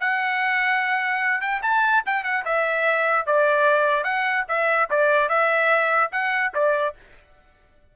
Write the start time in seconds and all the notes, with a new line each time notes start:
0.00 F#5
1.41 G5
1.62 A5
2.06 G5
2.24 F#5
2.45 E5
3.26 D5
4.04 F#5
4.48 E5
4.90 D5
5.29 E5
6.12 F#5
6.54 D5